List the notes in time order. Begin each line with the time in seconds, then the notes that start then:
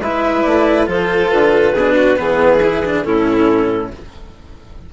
0.00 G#3 E4 B4 E5
0.42 A3 D5
0.86 F3 F4 A4 C5
1.30 D3 B4
1.73 B2 D4 G#4
1.97 F#4
2.17 E3 B3 G#4
2.62 E4
2.85 D4
3.04 A2 C#4 E4 A4